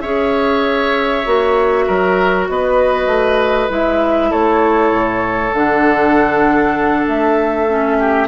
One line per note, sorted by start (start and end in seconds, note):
0.00 1.24 C#4
0.00 1.25 G#4
0.00 1.85 C#5
0.00 2.45 E5
1.25 1.87 A#3
1.25 3.69 F#4
1.86 2.48 F#3
1.86 2.48 A#4
2.48 3.07 B3
2.48 4.30 B4
2.48 3.70 D#5
3.07 3.68 A3
3.69 4.31 G#3
3.69 5.53 E4
3.69 4.32 E5
4.30 4.91 A3
4.30 7.97 A4
4.30 5.53 C#5
4.91 5.52 A2
5.53 7.06 D3
5.53 7.67 D4
5.53 7.07 F#5
7.07 8.27 A3
7.07 8.27 E5
7.68 8.27 C#4
7.99 8.27 G4